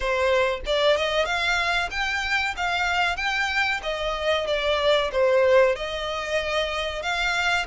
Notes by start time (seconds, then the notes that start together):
0.00 C5
0.66 D5
0.97 D#5
1.25 F5
1.90 G5
2.56 F5
3.16 G5
3.83 D#5
4.47 D5
5.12 C5
5.75 D#5
7.02 F5